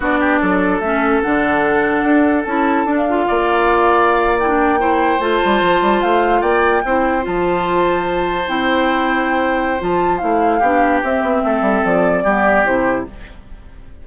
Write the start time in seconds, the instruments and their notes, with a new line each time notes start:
0.00 bassoon B3, clarinet D4, oboe F#4, flute D5
0.19 oboe G4
0.41 bassoon F#3, oboe A4
0.79 bassoon A3, clarinet C#4, flute E5
1.22 bassoon D3, clarinet D4, flute F#5
2.03 bassoon D4
2.43 bassoon C#4, clarinet E4, flute A5
2.85 bassoon D4, clarinet D4
2.96 flute F5
3.09 clarinet F4
3.27 bassoon A#3, oboe D5
4.39 clarinet E4, flute G5
4.47 clarinet D4
4.78 clarinet E4, oboe C5
5.19 bassoon A3, clarinet F4, flute A5
5.44 bassoon G3
5.61 bassoon F3
5.81 bassoon G3
6.01 bassoon A3, flute F5
6.40 bassoon A#3, oboe D5, flute G5
6.84 bassoon C4, clarinet E4, oboe C5
7.22 bassoon F3, clarinet F4, flute A5
8.47 bassoon C4, clarinet E4, flute G5
9.79 bassoon F3, clarinet F4, flute A5
10.18 bassoon A3, clarinet E4, flute F5
10.59 bassoon B3, clarinet D4, oboe G4
11.03 bassoon C4, clarinet C4, flute E5
11.22 bassoon B3
11.44 bassoon A3, oboe A4
11.61 bassoon G3
11.84 bassoon F3, flute D5
12.23 bassoon G3, clarinet B3, oboe G4
12.65 bassoon C3, clarinet E4, flute C5